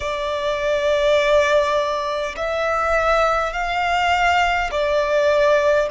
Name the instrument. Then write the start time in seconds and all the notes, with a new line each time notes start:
violin
0.00 D5
2.36 E5
3.52 F5
4.71 D5